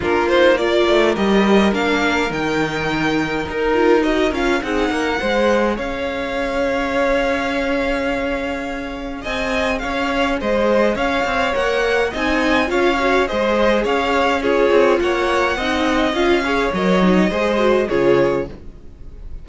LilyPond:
<<
  \new Staff \with { instrumentName = "violin" } { \time 4/4 \tempo 4 = 104 ais'8 c''8 d''4 dis''4 f''4 | g''2 ais'4 dis''8 f''8 | fis''2 f''2~ | f''1 |
gis''4 f''4 dis''4 f''4 | fis''4 gis''4 f''4 dis''4 | f''4 cis''4 fis''2 | f''4 dis''2 cis''4 | }
  \new Staff \with { instrumentName = "violin" } { \time 4/4 f'4 ais'2.~ | ais'1 | gis'8 ais'8 c''4 cis''2~ | cis''1 |
dis''4 cis''4 c''4 cis''4~ | cis''4 dis''4 cis''4 c''4 | cis''4 gis'4 cis''4 dis''4~ | dis''8 cis''4. c''4 gis'4 | }
  \new Staff \with { instrumentName = "viola" } { \time 4/4 d'8 dis'8 f'4 g'4 d'4 | dis'2~ dis'8 f'8 fis'8 f'8 | dis'4 gis'2.~ | gis'1~ |
gis'1 | ais'4 dis'4 f'8 fis'8 gis'4~ | gis'4 f'2 dis'4 | f'8 gis'8 ais'8 dis'8 gis'8 fis'8 f'4 | }
  \new Staff \with { instrumentName = "cello" } { \time 4/4 ais4. a8 g4 ais4 | dis2 dis'4. cis'8 | c'8 ais8 gis4 cis'2~ | cis'1 |
c'4 cis'4 gis4 cis'8 c'8 | ais4 c'4 cis'4 gis4 | cis'4. c'8 ais4 c'4 | cis'4 fis4 gis4 cis4 | }
>>